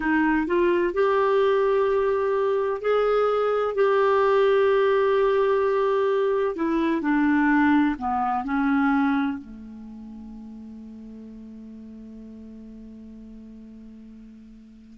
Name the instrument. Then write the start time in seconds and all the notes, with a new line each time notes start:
clarinet
0.00 D#4
0.46 F4
0.93 G4
2.81 G#4
3.74 G4
6.55 E4
7.01 D4
7.98 B3
8.44 C#4
9.37 A3